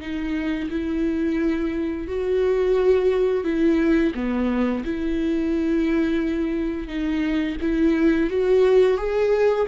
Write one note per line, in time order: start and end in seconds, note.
0.00 0.69 D#4
0.70 2.07 E4
2.07 3.44 F#4
3.44 4.13 E4
4.14 4.83 B3
4.84 6.87 E4
6.87 7.56 D#4
7.61 8.29 E4
8.29 8.97 F#4
8.97 9.66 G#4